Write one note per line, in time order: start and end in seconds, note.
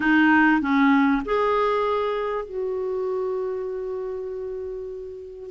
0.00 0.61 D#4
0.61 1.22 C#4
1.25 2.45 G#4
2.45 5.50 F#4